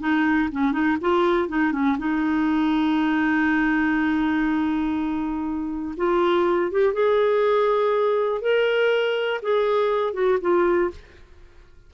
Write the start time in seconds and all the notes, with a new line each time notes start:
0.00 D#4
0.52 C#4
0.72 D#4
1.01 F4
1.49 D#4
1.72 C#4
1.98 D#4
5.97 F4
6.71 G4
6.94 G#4
8.41 A#4
9.42 G#4
10.14 F#4
10.41 F4